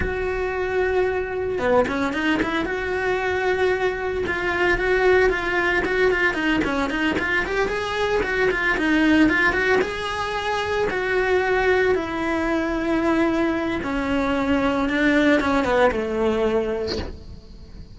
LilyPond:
\new Staff \with { instrumentName = "cello" } { \time 4/4 \tempo 4 = 113 fis'2. b8 cis'8 | dis'8 e'8 fis'2. | f'4 fis'4 f'4 fis'8 f'8 | dis'8 cis'8 dis'8 f'8 g'8 gis'4 fis'8 |
f'8 dis'4 f'8 fis'8 gis'4.~ | gis'8 fis'2 e'4.~ | e'2 cis'2 | d'4 cis'8 b8 a2 | }